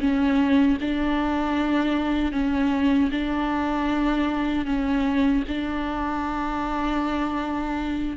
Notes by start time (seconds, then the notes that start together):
0.00 C#4
0.81 D4
2.32 C#4
3.11 D4
4.66 C#4
5.48 D4